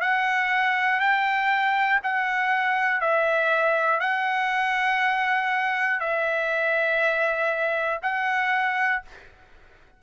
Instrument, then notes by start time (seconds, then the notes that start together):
trumpet
0.00 F#5
1.00 G5
2.03 F#5
3.00 E5
4.00 F#5
6.00 E5
8.02 F#5